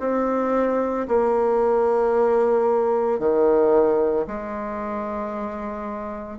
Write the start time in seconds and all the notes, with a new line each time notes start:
0.00 C4
1.08 A#3
3.19 D#3
4.27 G#3